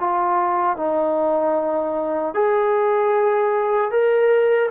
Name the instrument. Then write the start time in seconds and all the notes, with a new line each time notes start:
trombone
0.00 F4
0.77 D#4
2.34 G#4
3.91 A#4